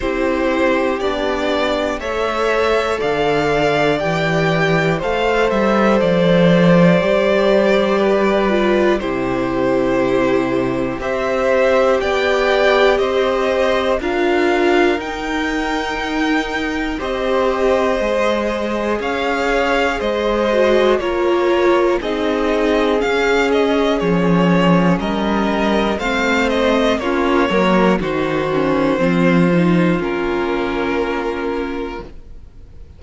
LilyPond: <<
  \new Staff \with { instrumentName = "violin" } { \time 4/4 \tempo 4 = 60 c''4 d''4 e''4 f''4 | g''4 f''8 e''8 d''2~ | d''4 c''2 e''4 | g''4 dis''4 f''4 g''4~ |
g''4 dis''2 f''4 | dis''4 cis''4 dis''4 f''8 dis''8 | cis''4 dis''4 f''8 dis''8 cis''4 | c''2 ais'2 | }
  \new Staff \with { instrumentName = "violin" } { \time 4/4 g'2 cis''4 d''4~ | d''4 c''2. | b'4 g'2 c''4 | d''4 c''4 ais'2~ |
ais'4 c''2 cis''4 | c''4 ais'4 gis'2~ | gis'4 ais'4 c''4 f'8 ais'8 | fis'4 f'2. | }
  \new Staff \with { instrumentName = "viola" } { \time 4/4 e'4 d'4 a'2 | g'4 a'2 g'4~ | g'8 f'8 e'2 g'4~ | g'2 f'4 dis'4~ |
dis'4 g'4 gis'2~ | gis'8 fis'8 f'4 dis'4 cis'4~ | cis'2 c'4 cis'8 ais8 | dis'8 cis'8 c'8 dis'8 cis'2 | }
  \new Staff \with { instrumentName = "cello" } { \time 4/4 c'4 b4 a4 d4 | e4 a8 g8 f4 g4~ | g4 c2 c'4 | b4 c'4 d'4 dis'4~ |
dis'4 c'4 gis4 cis'4 | gis4 ais4 c'4 cis'4 | f4 g4 a4 ais8 fis8 | dis4 f4 ais2 | }
>>